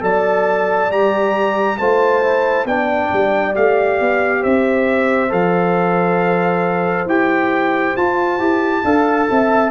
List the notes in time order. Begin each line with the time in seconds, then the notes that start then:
0.00 F#3 A4 D5 A5
0.89 G3 G4 A#5
1.78 A3 F4 C5 A5
2.22 E4
2.65 B3 D4 D5 G5
3.13 G3
3.54 A3 G4 F5
4.00 B3
4.40 C4 C5 E5
5.29 F3 A4 F5
7.06 E4 G4 G5
7.97 F4 A5
8.38 E4 G4
8.84 D4 A4 F5
9.30 C4 E5